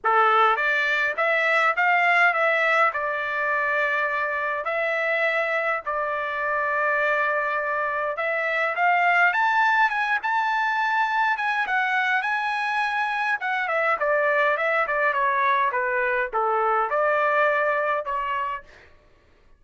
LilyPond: \new Staff \with { instrumentName = "trumpet" } { \time 4/4 \tempo 4 = 103 a'4 d''4 e''4 f''4 | e''4 d''2. | e''2 d''2~ | d''2 e''4 f''4 |
a''4 gis''8 a''2 gis''8 | fis''4 gis''2 fis''8 e''8 | d''4 e''8 d''8 cis''4 b'4 | a'4 d''2 cis''4 | }